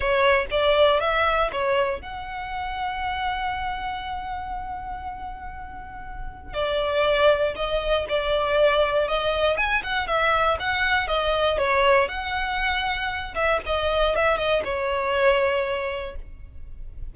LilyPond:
\new Staff \with { instrumentName = "violin" } { \time 4/4 \tempo 4 = 119 cis''4 d''4 e''4 cis''4 | fis''1~ | fis''1~ | fis''4 d''2 dis''4 |
d''2 dis''4 gis''8 fis''8 | e''4 fis''4 dis''4 cis''4 | fis''2~ fis''8 e''8 dis''4 | e''8 dis''8 cis''2. | }